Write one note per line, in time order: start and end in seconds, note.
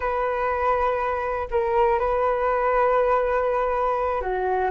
0.00 1.47 B4
1.50 1.99 A#4
1.99 4.21 B4
4.21 4.70 F#4